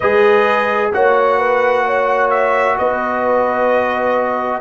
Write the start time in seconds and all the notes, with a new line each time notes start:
0.00 G#3 G#4 B4 D#5
0.93 A#3 F#4 C#5 F#5
1.38 B4
1.85 C#5
2.30 E5
2.78 B3 B4 D#5